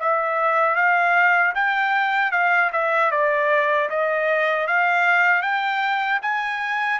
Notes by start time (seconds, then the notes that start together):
0.00 E5
0.76 F5
1.55 G5
2.32 F5
2.73 E5
3.12 D5
3.90 D#5
4.68 F5
5.43 G5
6.22 G#5